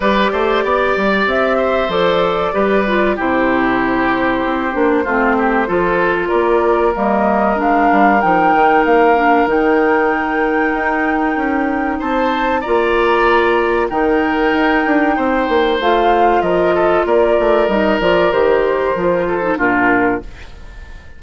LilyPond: <<
  \new Staff \with { instrumentName = "flute" } { \time 4/4 \tempo 4 = 95 d''2 e''4 d''4~ | d''4 c''2.~ | c''2 d''4 dis''4 | f''4 g''4 f''4 g''4~ |
g''2. a''4 | ais''2 g''2~ | g''4 f''4 dis''4 d''4 | dis''8 d''8 c''2 ais'4 | }
  \new Staff \with { instrumentName = "oboe" } { \time 4/4 b'8 c''8 d''4. c''4. | b'4 g'2. | f'8 g'8 a'4 ais'2~ | ais'1~ |
ais'2. c''4 | d''2 ais'2 | c''2 ais'8 a'8 ais'4~ | ais'2~ ais'8 a'8 f'4 | }
  \new Staff \with { instrumentName = "clarinet" } { \time 4/4 g'2. a'4 | g'8 f'8 e'2~ e'8 d'8 | c'4 f'2 ais4 | d'4 dis'4. d'8 dis'4~ |
dis'1 | f'2 dis'2~ | dis'4 f'2. | dis'8 f'8 g'4 f'8. dis'16 d'4 | }
  \new Staff \with { instrumentName = "bassoon" } { \time 4/4 g8 a8 b8 g8 c'4 f4 | g4 c2 c'8 ais8 | a4 f4 ais4 g4 | gis8 g8 f8 dis8 ais4 dis4~ |
dis4 dis'4 cis'4 c'4 | ais2 dis4 dis'8 d'8 | c'8 ais8 a4 f4 ais8 a8 | g8 f8 dis4 f4 ais,4 | }
>>